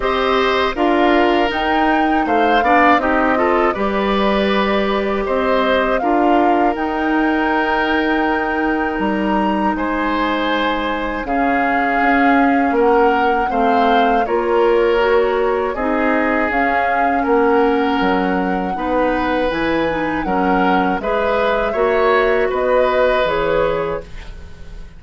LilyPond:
<<
  \new Staff \with { instrumentName = "flute" } { \time 4/4 \tempo 4 = 80 dis''4 f''4 g''4 f''4 | dis''4 d''2 dis''4 | f''4 g''2. | ais''4 gis''2 f''4~ |
f''4 fis''4 f''4 cis''4~ | cis''4 dis''4 f''4 fis''4~ | fis''2 gis''4 fis''4 | e''2 dis''4 cis''4 | }
  \new Staff \with { instrumentName = "oboe" } { \time 4/4 c''4 ais'2 c''8 d''8 | g'8 a'8 b'2 c''4 | ais'1~ | ais'4 c''2 gis'4~ |
gis'4 ais'4 c''4 ais'4~ | ais'4 gis'2 ais'4~ | ais'4 b'2 ais'4 | b'4 cis''4 b'2 | }
  \new Staff \with { instrumentName = "clarinet" } { \time 4/4 g'4 f'4 dis'4. d'8 | dis'8 f'8 g'2. | f'4 dis'2.~ | dis'2. cis'4~ |
cis'2 c'4 f'4 | fis'4 dis'4 cis'2~ | cis'4 dis'4 e'8 dis'8 cis'4 | gis'4 fis'2 gis'4 | }
  \new Staff \with { instrumentName = "bassoon" } { \time 4/4 c'4 d'4 dis'4 a8 b8 | c'4 g2 c'4 | d'4 dis'2. | g4 gis2 cis4 |
cis'4 ais4 a4 ais4~ | ais4 c'4 cis'4 ais4 | fis4 b4 e4 fis4 | gis4 ais4 b4 e4 | }
>>